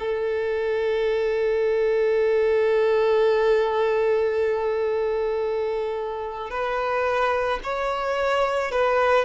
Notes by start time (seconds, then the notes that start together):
0.00 A4
6.51 B4
7.64 C#5
8.72 B4